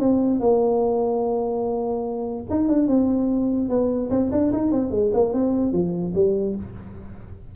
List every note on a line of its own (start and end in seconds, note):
0.00 0.40 C4
0.40 2.44 A#3
2.50 2.69 D#4
2.69 2.88 D4
2.88 3.70 C4
3.70 4.10 B3
4.11 4.31 C4
4.32 4.53 D4
4.53 4.72 D#4
4.72 4.91 C4
4.91 5.12 G#3
5.14 5.34 A#3
5.34 5.73 C4
5.73 6.14 F3
6.15 6.56 G3